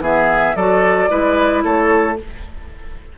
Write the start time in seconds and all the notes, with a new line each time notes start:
0.00 E3 B3 G#4 E5
0.56 F#3 F#4 A4 D5
1.09 G#3 E4 B4
1.64 A3 A4 C#5